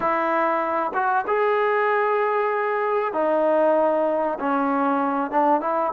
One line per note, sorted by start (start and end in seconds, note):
0.00 0.92 E4
0.93 1.25 F#4
1.27 3.13 G#4
3.13 4.38 D#4
4.39 5.30 C#4
5.30 5.61 D4
5.61 5.92 E4